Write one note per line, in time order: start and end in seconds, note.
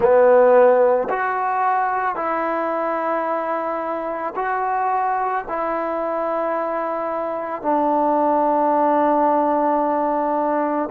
0.00 1.08 B3
1.09 2.15 F#4
2.15 4.33 E4
4.35 5.44 F#4
5.48 7.62 E4
7.62 10.89 D4